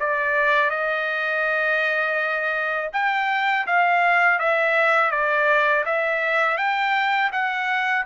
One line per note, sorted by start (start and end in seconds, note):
0.00 0.71 D5
0.71 2.90 D#5
2.93 3.67 G5
3.67 4.39 F5
4.39 5.11 E5
5.11 5.84 D5
5.85 6.58 E5
6.58 7.31 G5
7.32 8.06 F#5